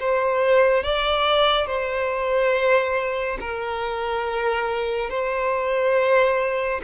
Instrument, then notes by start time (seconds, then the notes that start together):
violin
0.00 C5
0.83 D5
1.67 C5
3.40 A#4
5.10 C5